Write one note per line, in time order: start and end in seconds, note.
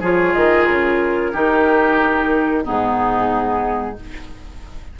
0.00 0.34 F3
0.00 1.34 F4
0.00 1.32 G#4
0.00 0.33 C#5
0.33 0.68 D#3
0.33 0.66 D#5
0.66 1.34 C#3
0.66 2.64 A#4
1.33 2.66 D#3
1.33 2.64 D#4
1.33 2.64 G4
2.64 4.00 G#2
2.64 3.96 B3
2.64 3.96 D#4
2.64 3.99 G#4